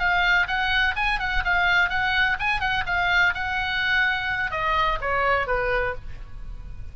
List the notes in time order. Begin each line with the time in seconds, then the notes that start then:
0.00 F5
0.48 F#5
0.96 G#5
1.20 F#5
1.45 F5
1.90 F#5
2.40 G#5
2.61 F#5
2.87 F5
3.35 F#5
4.52 D#5
5.01 C#5
5.47 B4